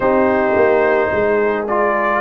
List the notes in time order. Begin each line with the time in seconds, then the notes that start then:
0.00 C4 D#4 G4 C5
0.55 A#3
1.11 G#3 G#4
1.67 F4 D5